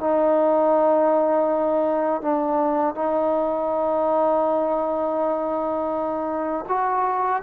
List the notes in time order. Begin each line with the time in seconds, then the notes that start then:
0.00 D#4
2.22 D4
2.95 D#4
6.68 F#4